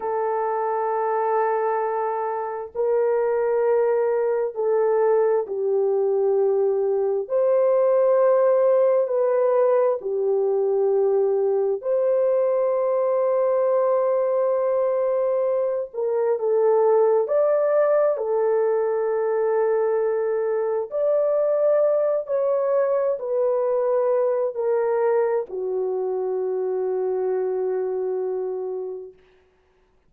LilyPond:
\new Staff \with { instrumentName = "horn" } { \time 4/4 \tempo 4 = 66 a'2. ais'4~ | ais'4 a'4 g'2 | c''2 b'4 g'4~ | g'4 c''2.~ |
c''4. ais'8 a'4 d''4 | a'2. d''4~ | d''8 cis''4 b'4. ais'4 | fis'1 | }